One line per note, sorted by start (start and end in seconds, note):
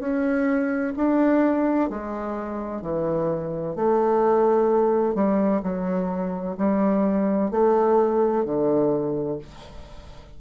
0.00 0.94 C#4
0.97 1.90 D4
1.90 2.82 G#3
2.82 3.76 E3
3.76 5.15 A3
5.15 5.62 G3
5.63 6.57 F#3
6.58 7.51 G3
7.51 8.45 A3
8.45 9.39 D3